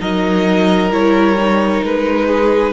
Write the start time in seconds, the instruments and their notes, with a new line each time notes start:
0.00 cello F#3, viola D#4, violin A#4 D#5
0.91 cello G3, viola E4, violin C#5
1.37 viola D#4
1.83 cello G#3, violin B4
2.27 violin G#4